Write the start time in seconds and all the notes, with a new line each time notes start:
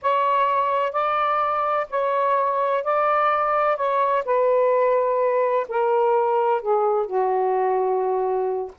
0.02 C#5
0.92 D5
1.90 C#5
2.83 D5
3.76 C#5
4.25 B4
5.68 A#4
6.61 G#4
7.06 F#4